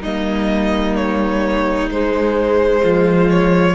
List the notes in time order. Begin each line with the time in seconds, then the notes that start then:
0.00 G3 A#3 D#4 D#5
0.95 C#5
1.89 G#3 C5
2.82 F3 F4
3.30 C#5